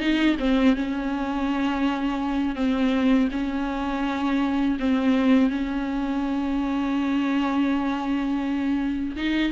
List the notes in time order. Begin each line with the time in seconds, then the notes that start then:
0.00 D#4
0.39 C4
0.76 C#4
2.55 C4
3.31 C#4
4.79 C4
5.50 C#4
9.16 D#4